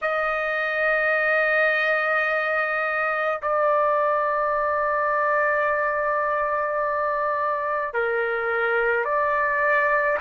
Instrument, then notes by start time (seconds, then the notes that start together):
trumpet
0.01 D#5
3.42 D5
7.93 A#4
9.05 D5